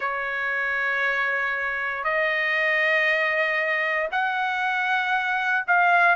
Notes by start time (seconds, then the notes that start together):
0.00 C#5
2.03 D#5
4.11 F#5
5.67 F5